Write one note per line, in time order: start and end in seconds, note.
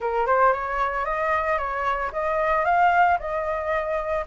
0.00 0.26 A#4
0.26 0.53 C5
0.53 1.05 C#5
1.05 1.58 D#5
1.58 2.11 C#5
2.12 2.64 D#5
2.64 3.17 F5
3.19 4.25 D#5